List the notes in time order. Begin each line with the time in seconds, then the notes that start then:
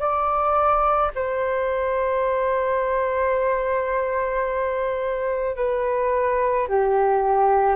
0.00 D5
1.15 C5
5.57 B4
6.69 G4